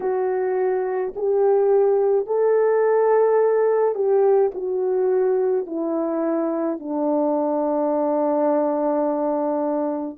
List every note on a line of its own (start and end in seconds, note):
0.00 1.13 F#4
1.15 2.26 G4
2.26 3.94 A4
3.94 4.51 G4
4.54 5.66 F#4
5.66 6.79 E4
6.79 10.17 D4